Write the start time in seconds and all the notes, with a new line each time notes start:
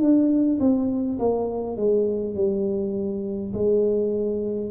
0.00 D4
0.60 C4
1.19 A#3
1.76 G#3
2.35 G3
3.53 G#3